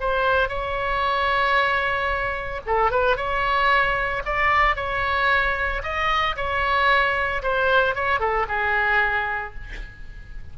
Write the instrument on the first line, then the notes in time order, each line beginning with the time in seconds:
oboe
0.00 C5
0.49 C#5
2.66 A4
2.91 B4
3.16 C#5
4.25 D5
4.76 C#5
5.83 D#5
6.36 C#5
7.42 C5
7.95 C#5
8.19 A4
8.48 G#4